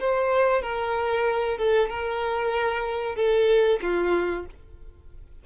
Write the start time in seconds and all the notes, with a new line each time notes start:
0.00 C5
0.62 A#4
1.58 A4
1.89 A#4
3.16 A4
3.82 F4